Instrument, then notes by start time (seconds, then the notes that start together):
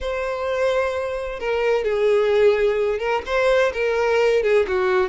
violin
0.00 C5
1.39 A#4
1.84 G#4
2.98 A#4
3.26 C5
3.73 A#4
4.42 G#4
4.67 F#4